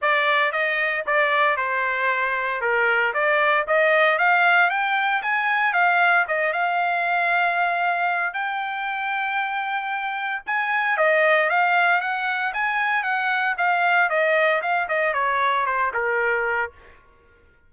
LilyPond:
\new Staff \with { instrumentName = "trumpet" } { \time 4/4 \tempo 4 = 115 d''4 dis''4 d''4 c''4~ | c''4 ais'4 d''4 dis''4 | f''4 g''4 gis''4 f''4 | dis''8 f''2.~ f''8 |
g''1 | gis''4 dis''4 f''4 fis''4 | gis''4 fis''4 f''4 dis''4 | f''8 dis''8 cis''4 c''8 ais'4. | }